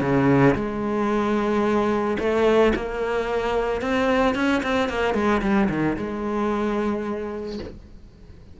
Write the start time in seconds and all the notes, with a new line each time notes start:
0.00 C#3
0.55 G#3
2.19 A3
2.75 A#3
3.81 C4
4.35 C#4
4.63 C4
4.88 A#3
5.14 G#3
5.41 G3
5.69 D#3
5.96 G#3